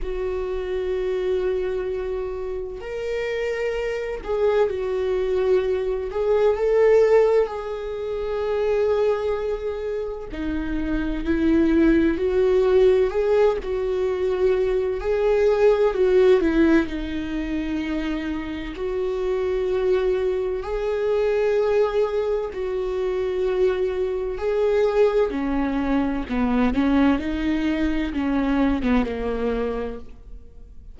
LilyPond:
\new Staff \with { instrumentName = "viola" } { \time 4/4 \tempo 4 = 64 fis'2. ais'4~ | ais'8 gis'8 fis'4. gis'8 a'4 | gis'2. dis'4 | e'4 fis'4 gis'8 fis'4. |
gis'4 fis'8 e'8 dis'2 | fis'2 gis'2 | fis'2 gis'4 cis'4 | b8 cis'8 dis'4 cis'8. b16 ais4 | }